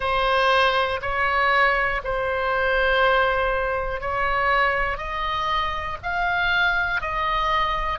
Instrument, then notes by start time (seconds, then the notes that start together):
oboe
0.00 C5
1.01 C#5
2.04 C5
4.00 C#5
4.97 D#5
6.03 F5
7.01 D#5